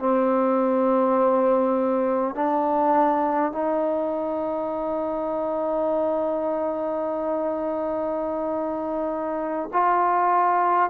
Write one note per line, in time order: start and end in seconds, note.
0.00 2.35 C4
2.35 3.52 D4
3.52 9.70 D#4
9.73 10.90 F4